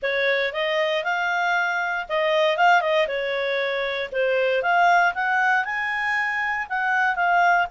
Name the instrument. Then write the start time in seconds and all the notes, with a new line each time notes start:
clarinet
0.02 C#5
0.52 D#5
1.03 F5
2.08 D#5
2.57 F5
2.81 D#5
3.07 C#5
4.12 C5
4.62 F5
5.14 F#5
5.64 G#5
6.69 F#5
7.15 F5